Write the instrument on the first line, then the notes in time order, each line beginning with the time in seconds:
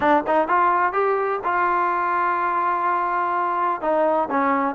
trombone
0.00 D4
0.26 D#4
0.48 F4
0.92 G4
1.44 F4
3.81 D#4
4.30 C#4